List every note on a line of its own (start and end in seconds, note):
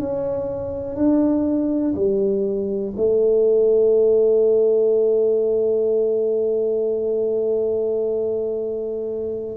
0.00 0.96 C#4
0.96 1.94 D4
1.96 2.94 G3
2.97 9.57 A3